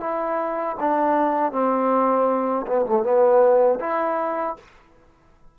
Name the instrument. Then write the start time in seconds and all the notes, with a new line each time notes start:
trombone
0.00 E4
0.80 D4
1.52 C4
2.67 B3
2.86 A3
3.03 B3
3.80 E4